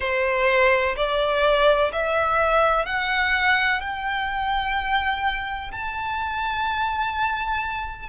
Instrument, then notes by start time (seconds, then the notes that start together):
violin
0.00 C5
0.96 D5
1.92 E5
2.85 F#5
3.81 G5
5.71 A5